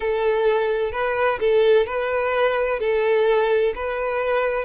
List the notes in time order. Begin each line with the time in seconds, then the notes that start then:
0.00 A4
0.92 B4
1.39 A4
1.86 B4
2.79 A4
3.75 B4